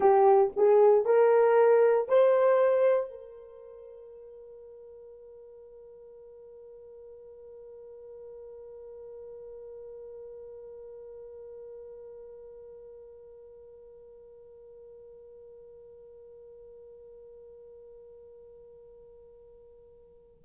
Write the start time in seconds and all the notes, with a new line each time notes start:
0.00 G4
0.56 G#4
1.05 A#4
2.08 C5
3.10 A#4